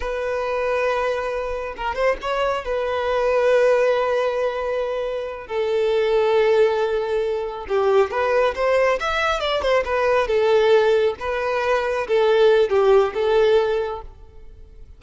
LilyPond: \new Staff \with { instrumentName = "violin" } { \time 4/4 \tempo 4 = 137 b'1 | ais'8 c''8 cis''4 b'2~ | b'1~ | b'8 a'2.~ a'8~ |
a'4. g'4 b'4 c''8~ | c''8 e''4 d''8 c''8 b'4 a'8~ | a'4. b'2 a'8~ | a'4 g'4 a'2 | }